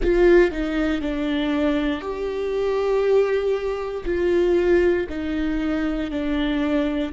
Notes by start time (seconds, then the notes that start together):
0.02 F4
0.51 D#4
1.01 D4
2.01 G4
4.05 F4
5.08 D#4
6.10 D4